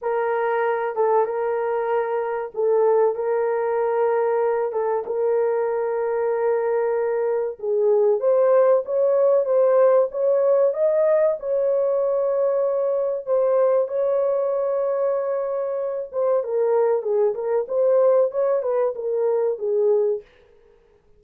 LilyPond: \new Staff \with { instrumentName = "horn" } { \time 4/4 \tempo 4 = 95 ais'4. a'8 ais'2 | a'4 ais'2~ ais'8 a'8 | ais'1 | gis'4 c''4 cis''4 c''4 |
cis''4 dis''4 cis''2~ | cis''4 c''4 cis''2~ | cis''4. c''8 ais'4 gis'8 ais'8 | c''4 cis''8 b'8 ais'4 gis'4 | }